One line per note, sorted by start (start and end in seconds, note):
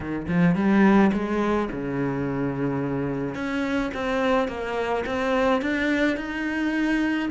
0.00 0.26 D#3
0.28 0.55 F3
0.55 1.11 G3
1.12 1.68 G#3
1.71 3.34 C#3
3.34 3.90 C#4
3.94 4.48 C4
4.48 5.04 A#3
5.06 5.61 C4
5.61 6.17 D4
6.17 7.29 D#4